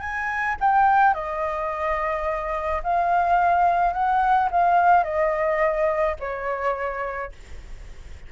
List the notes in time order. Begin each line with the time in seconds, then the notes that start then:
0.00 G#5
0.60 G5
1.14 D#5
2.83 F5
3.93 F#5
4.51 F5
5.04 D#5
6.20 C#5